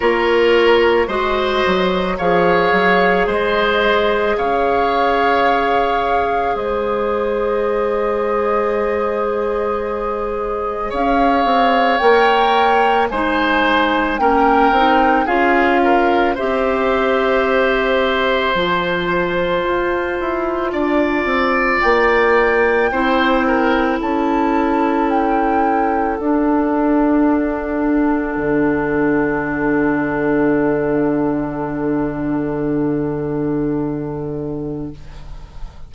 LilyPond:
<<
  \new Staff \with { instrumentName = "flute" } { \time 4/4 \tempo 4 = 55 cis''4 dis''4 f''4 dis''4 | f''2 dis''2~ | dis''2 f''4 g''4 | gis''4 g''4 f''4 e''4~ |
e''4 a''2. | g''2 a''4 g''4 | fis''1~ | fis''1 | }
  \new Staff \with { instrumentName = "oboe" } { \time 4/4 ais'4 c''4 cis''4 c''4 | cis''2 c''2~ | c''2 cis''2 | c''4 ais'4 gis'8 ais'8 c''4~ |
c''2. d''4~ | d''4 c''8 ais'8 a'2~ | a'1~ | a'1 | }
  \new Staff \with { instrumentName = "clarinet" } { \time 4/4 f'4 fis'4 gis'2~ | gis'1~ | gis'2. ais'4 | dis'4 cis'8 dis'8 f'4 g'4~ |
g'4 f'2.~ | f'4 e'2. | d'1~ | d'1 | }
  \new Staff \with { instrumentName = "bassoon" } { \time 4/4 ais4 gis8 fis8 f8 fis8 gis4 | cis2 gis2~ | gis2 cis'8 c'8 ais4 | gis4 ais8 c'8 cis'4 c'4~ |
c'4 f4 f'8 e'8 d'8 c'8 | ais4 c'4 cis'2 | d'2 d2~ | d1 | }
>>